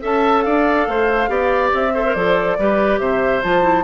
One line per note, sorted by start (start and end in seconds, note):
0.00 0.45 C#4
0.00 1.27 A4
0.00 0.44 E5
0.00 0.42 A5
0.42 0.87 D4
0.42 0.88 D5
0.42 1.70 F5
0.87 1.28 A3
0.87 1.30 C5
1.27 1.71 B3
1.27 1.90 G4
1.27 1.93 D5
1.73 2.15 C4
1.73 2.13 E5
1.93 2.05 A4
1.93 2.57 C5
2.05 2.16 A#4
2.13 2.57 F3
2.13 2.59 A4
2.13 2.98 D5
2.58 2.99 G3
2.58 3.42 G4
2.58 3.00 B4
2.99 3.41 C3
2.99 3.84 C5
2.99 3.41 E5
3.42 3.84 F3
3.42 3.61 F4
3.42 3.84 A5
3.61 3.83 E4